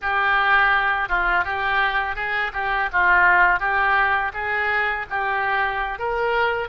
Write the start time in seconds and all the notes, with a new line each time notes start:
0.01 G4
1.08 F4
1.44 G4
2.15 G#4
2.53 G4
2.92 F4
3.59 G4
4.33 G#4
5.10 G4
5.98 A#4